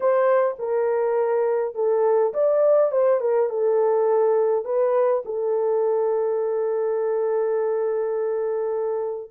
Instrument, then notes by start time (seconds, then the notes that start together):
horn
0.00 C5
0.58 A#4
1.74 A4
2.33 D5
2.91 C5
3.20 A#4
3.49 A4
4.64 B4
5.25 A4